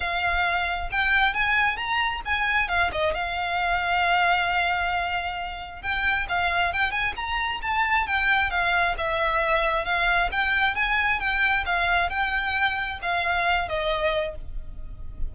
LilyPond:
\new Staff \with { instrumentName = "violin" } { \time 4/4 \tempo 4 = 134 f''2 g''4 gis''4 | ais''4 gis''4 f''8 dis''8 f''4~ | f''1~ | f''4 g''4 f''4 g''8 gis''8 |
ais''4 a''4 g''4 f''4 | e''2 f''4 g''4 | gis''4 g''4 f''4 g''4~ | g''4 f''4. dis''4. | }